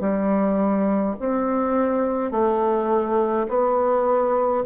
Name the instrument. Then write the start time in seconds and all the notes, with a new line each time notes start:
bassoon
0.00 G3
1.20 C4
2.31 A3
3.49 B3